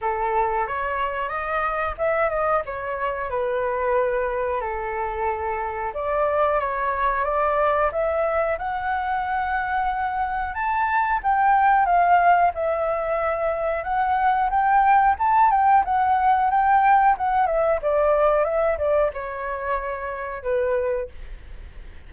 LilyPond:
\new Staff \with { instrumentName = "flute" } { \time 4/4 \tempo 4 = 91 a'4 cis''4 dis''4 e''8 dis''8 | cis''4 b'2 a'4~ | a'4 d''4 cis''4 d''4 | e''4 fis''2. |
a''4 g''4 f''4 e''4~ | e''4 fis''4 g''4 a''8 g''8 | fis''4 g''4 fis''8 e''8 d''4 | e''8 d''8 cis''2 b'4 | }